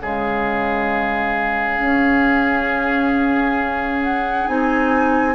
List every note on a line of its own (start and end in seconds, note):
0.00 1.79 C#3
0.00 1.78 G#3
0.00 5.34 G#4
0.00 4.02 F5
1.78 4.46 C#4
1.78 4.47 C#4
4.02 4.47 F#5
4.46 5.34 C4
4.46 5.34 D#4
4.46 5.34 G#5